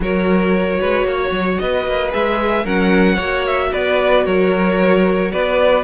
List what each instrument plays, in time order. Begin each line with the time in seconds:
0.00 cello F#3, viola F#4, violin A#4 C#5
0.79 cello G#3, violin B4
1.03 cello A#3, violin C#5
1.31 cello F#3
1.58 cello B3, violin B4 D#5
1.86 cello A#3
2.10 cello G#3, viola G#4, violin E5
2.64 cello F#3, viola C#4, violin A#4 F#5
3.15 cello A#3, viola F#4, violin C#5
3.46 violin E5
3.72 cello B3, violin B4 D5
4.25 cello F#3, violin A#4 C#5
5.31 cello B3, violin B4 D5